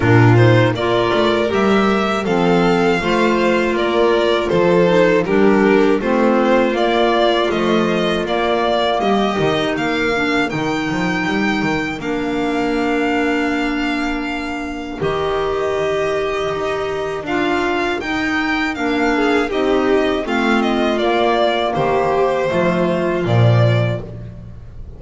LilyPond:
<<
  \new Staff \with { instrumentName = "violin" } { \time 4/4 \tempo 4 = 80 ais'8 c''8 d''4 e''4 f''4~ | f''4 d''4 c''4 ais'4 | c''4 d''4 dis''4 d''4 | dis''4 f''4 g''2 |
f''1 | dis''2. f''4 | g''4 f''4 dis''4 f''8 dis''8 | d''4 c''2 d''4 | }
  \new Staff \with { instrumentName = "violin" } { \time 4/4 f'4 ais'2 a'4 | c''4 ais'4 a'4 g'4 | f'1 | g'4 ais'2.~ |
ais'1~ | ais'1~ | ais'4. gis'8 g'4 f'4~ | f'4 g'4 f'2 | }
  \new Staff \with { instrumentName = "clarinet" } { \time 4/4 d'8 dis'8 f'4 g'4 c'4 | f'2~ f'8 dis'8 d'4 | c'4 ais4 f4 ais4~ | ais8 dis'4 d'8 dis'2 |
d'1 | g'2. f'4 | dis'4 d'4 dis'4 c'4 | ais2 a4 f4 | }
  \new Staff \with { instrumentName = "double bass" } { \time 4/4 ais,4 ais8 a8 g4 f4 | a4 ais4 f4 g4 | a4 ais4 a4 ais4 | g8 dis8 ais4 dis8 f8 g8 dis8 |
ais1 | dis2 dis'4 d'4 | dis'4 ais4 c'4 a4 | ais4 dis4 f4 ais,4 | }
>>